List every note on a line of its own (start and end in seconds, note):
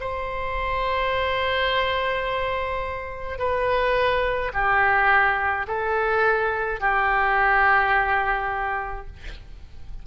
0.00 3.38 C5
3.38 4.51 B4
4.53 5.66 G4
5.67 6.80 A4
6.80 9.06 G4